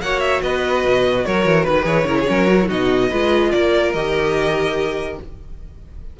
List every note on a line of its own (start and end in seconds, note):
0.00 0.41 A#3
0.00 1.83 F#4
0.00 0.42 C#5
0.00 0.20 F#5
0.20 0.41 E5
0.42 0.84 B3
0.42 1.25 B4
0.42 1.25 D#5
0.84 1.25 B2
1.25 1.45 F#3
1.25 1.66 A#4
1.25 1.64 C#5
1.45 1.66 E3
1.64 1.86 D#3
1.64 1.84 B4
1.64 2.07 B4
1.83 2.04 E3
1.83 2.03 G#4
1.83 2.69 C#5
2.04 2.25 C#3
2.04 2.27 E4
2.04 2.17 A#4
2.19 2.29 G#4
2.27 2.70 F#3
2.27 2.47 C#4
2.27 2.67 A#4
2.47 2.57 F#4
2.62 2.69 E4
2.62 3.09 F#4
2.69 3.11 B2
2.69 3.10 D#4
2.69 3.51 D#5
3.10 3.52 G#3
3.10 3.95 F4
3.10 3.51 B4
3.51 3.94 A#3
3.51 5.19 A#4
3.51 3.92 D5
3.93 5.18 D#3
3.93 5.19 G4
3.93 5.17 D#5